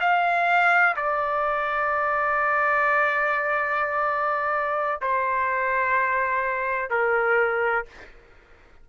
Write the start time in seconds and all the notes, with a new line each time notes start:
0.00 F5
0.96 D5
5.01 C5
6.90 A#4